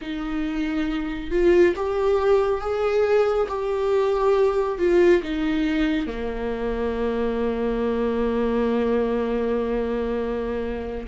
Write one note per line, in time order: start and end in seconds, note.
0.01 1.30 D#4
1.30 1.74 F4
1.76 2.60 G4
2.60 3.47 G#4
3.48 4.78 G4
4.78 5.22 F4
5.22 6.07 D#4
6.07 11.07 A#3